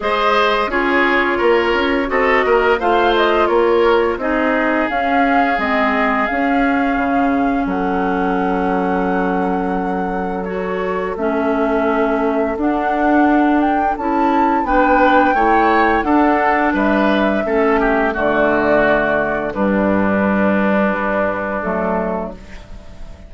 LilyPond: <<
  \new Staff \with { instrumentName = "flute" } { \time 4/4 \tempo 4 = 86 dis''4 cis''2 dis''4 | f''8 dis''8 cis''4 dis''4 f''4 | dis''4 f''2 fis''4~ | fis''2. cis''4 |
e''2 fis''4. g''8 | a''4 g''2 fis''4 | e''2 d''2 | b'2. a'4 | }
  \new Staff \with { instrumentName = "oboe" } { \time 4/4 c''4 gis'4 ais'4 a'8 ais'8 | c''4 ais'4 gis'2~ | gis'2. a'4~ | a'1~ |
a'1~ | a'4 b'4 cis''4 a'4 | b'4 a'8 g'8 fis'2 | d'1 | }
  \new Staff \with { instrumentName = "clarinet" } { \time 4/4 gis'4 f'2 fis'4 | f'2 dis'4 cis'4 | c'4 cis'2.~ | cis'2. fis'4 |
cis'2 d'2 | e'4 d'4 e'4 d'4~ | d'4 cis'4 a2 | g2. a4 | }
  \new Staff \with { instrumentName = "bassoon" } { \time 4/4 gis4 cis'4 ais8 cis'8 c'8 ais8 | a4 ais4 c'4 cis'4 | gis4 cis'4 cis4 fis4~ | fis1 |
a2 d'2 | cis'4 b4 a4 d'4 | g4 a4 d2 | g,2 g4 fis4 | }
>>